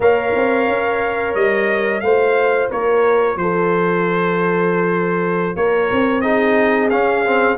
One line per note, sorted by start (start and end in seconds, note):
0.00 0.33 A#3
0.00 2.03 A#4
0.00 2.03 C#5
0.00 1.34 F5
0.35 0.67 C4
0.67 1.34 C#4
1.34 2.02 G3
1.34 2.00 D#5
2.00 2.69 A3
2.00 6.22 F4
2.00 2.70 C5
2.00 2.68 F5
2.70 3.36 A#3
2.70 3.37 A#4
2.70 3.37 C#5
3.36 5.55 F3
3.36 5.57 A4
3.36 5.56 C5
5.55 5.89 A#3
5.55 6.22 A#4
5.55 6.21 C#5
5.91 6.91 C4
6.21 6.90 D#4
6.21 7.57 G#4
6.21 6.88 D#5
6.89 7.57 C#4
6.89 7.25 C#4
6.89 7.57 F5
7.25 7.57 C4